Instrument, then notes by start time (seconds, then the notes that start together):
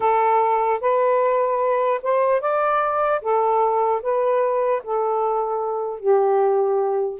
saxophone
0.00 A4
0.80 B4
2.02 C5
2.40 D5
3.21 A4
4.02 B4
4.83 A4
5.99 G4